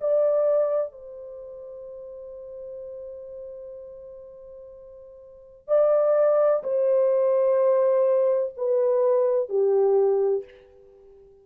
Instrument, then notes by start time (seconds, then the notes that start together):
horn
0.00 D5
0.92 C5
5.68 D5
6.63 C5
8.57 B4
9.48 G4